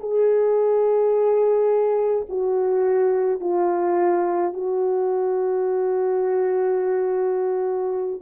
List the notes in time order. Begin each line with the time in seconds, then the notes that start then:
0.00 G#4
2.29 F#4
3.40 F4
4.53 F#4